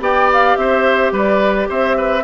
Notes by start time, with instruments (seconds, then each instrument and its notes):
0.00 bassoon B3, clarinet G4, oboe D5, flute G5
0.33 flute F5
0.57 bassoon C4, oboe C5, flute E5
1.12 bassoon G3, oboe B4, flute D5
1.69 bassoon C4, oboe C5, flute E5
1.97 oboe B4